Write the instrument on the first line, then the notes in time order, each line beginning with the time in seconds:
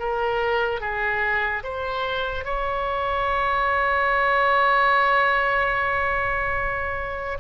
oboe
0.00 A#4
0.81 G#4
1.64 C5
2.45 C#5